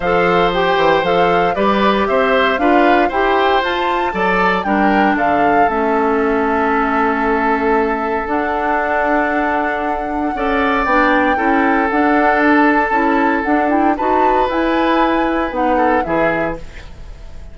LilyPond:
<<
  \new Staff \with { instrumentName = "flute" } { \time 4/4 \tempo 4 = 116 f''4 g''4 f''4 d''4 | e''4 f''4 g''4 a''4~ | a''4 g''4 f''4 e''4~ | e''1 |
fis''1~ | fis''4 g''2 fis''4 | a''2 fis''8 g''8 a''4 | gis''2 fis''4 e''4 | }
  \new Staff \with { instrumentName = "oboe" } { \time 4/4 c''2. b'4 | c''4 b'4 c''2 | d''4 ais'4 a'2~ | a'1~ |
a'1 | d''2 a'2~ | a'2. b'4~ | b'2~ b'8 a'8 gis'4 | }
  \new Staff \with { instrumentName = "clarinet" } { \time 4/4 a'4 g'4 a'4 g'4~ | g'4 f'4 g'4 f'4 | a'4 d'2 cis'4~ | cis'1 |
d'1 | a'4 d'4 e'4 d'4~ | d'4 e'4 d'8 e'8 fis'4 | e'2 dis'4 e'4 | }
  \new Staff \with { instrumentName = "bassoon" } { \time 4/4 f4. e8 f4 g4 | c'4 d'4 e'4 f'4 | fis4 g4 d4 a4~ | a1 |
d'1 | cis'4 b4 cis'4 d'4~ | d'4 cis'4 d'4 dis'4 | e'2 b4 e4 | }
>>